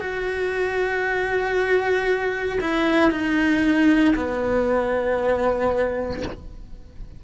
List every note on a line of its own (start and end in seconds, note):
0.00 2.59 F#4
2.61 3.11 E4
3.11 4.15 D#4
4.16 6.23 B3